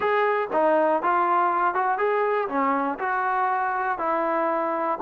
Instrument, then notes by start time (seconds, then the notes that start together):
trombone
0.00 G#4
0.52 D#4
1.02 F4
1.74 F#4
1.97 G#4
2.48 C#4
2.99 F#4
3.98 E4